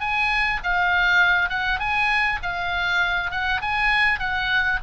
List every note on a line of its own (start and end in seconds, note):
0.00 0.60 G#5
0.63 1.49 F5
1.49 1.79 F#5
1.79 2.39 G#5
2.42 3.31 F5
3.31 3.61 F#5
3.61 4.19 G#5
4.19 4.79 F#5